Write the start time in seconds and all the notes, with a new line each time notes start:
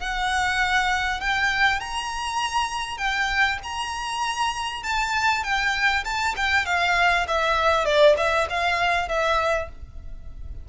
0.00 F#5
1.20 G5
1.80 A#5
2.98 G5
3.63 A#5
4.83 A5
5.44 G5
6.04 A5
6.36 G5
6.66 F5
7.28 E5
7.85 D5
8.17 E5
8.50 F5
9.08 E5